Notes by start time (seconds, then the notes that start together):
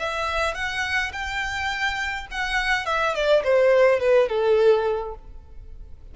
0.00 E5
0.55 F#5
1.13 G5
2.31 F#5
2.86 E5
3.15 D5
3.44 C5
4.00 B4
4.29 A4